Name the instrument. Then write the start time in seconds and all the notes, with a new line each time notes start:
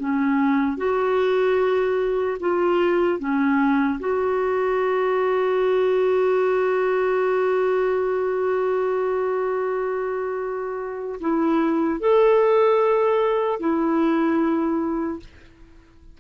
clarinet
0.00 C#4
0.78 F#4
2.40 F4
3.20 C#4
4.00 F#4
11.21 E4
12.00 A4
13.60 E4